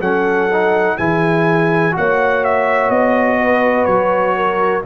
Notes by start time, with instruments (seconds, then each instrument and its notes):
0.00 tuba F#3, trombone C#4, horn A4, trumpet F#5
0.52 trombone D#4
0.97 tuba E3, trombone E4, horn G#4, trumpet G#5
1.92 tuba A#3, trombone F#4, horn C#5, trumpet F#5
2.44 trumpet E5
2.89 tuba B3, trumpet D#5
3.41 horn B4
3.85 tuba F#3, trumpet C#5
4.36 horn A#4